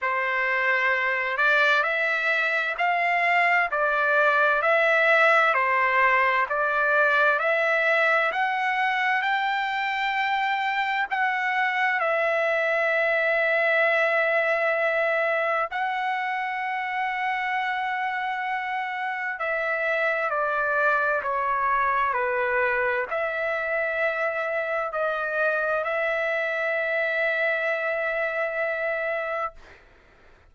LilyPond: \new Staff \with { instrumentName = "trumpet" } { \time 4/4 \tempo 4 = 65 c''4. d''8 e''4 f''4 | d''4 e''4 c''4 d''4 | e''4 fis''4 g''2 | fis''4 e''2.~ |
e''4 fis''2.~ | fis''4 e''4 d''4 cis''4 | b'4 e''2 dis''4 | e''1 | }